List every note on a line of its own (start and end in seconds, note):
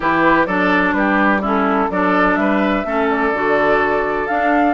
0.00 0.46 E3
0.00 0.47 E4
0.00 0.46 G4
0.00 0.45 B4
0.45 0.93 F#3
0.45 1.41 D4
0.45 0.94 A4
0.45 0.93 D5
0.93 1.88 G3
0.93 1.41 G4
0.93 1.40 B4
1.41 1.89 C#4
1.41 1.89 E4
1.41 1.91 A4
1.90 2.36 F#3
1.90 2.85 D4
1.90 2.39 A4
1.90 2.35 D5
2.35 2.83 G3
2.35 2.86 B4
2.35 3.07 E5
2.84 3.32 A3
2.84 3.33 C#4
2.84 4.73 A4
3.10 4.27 D5
3.32 4.27 D3
3.32 4.28 F#4
4.27 4.73 D4
4.27 4.73 F5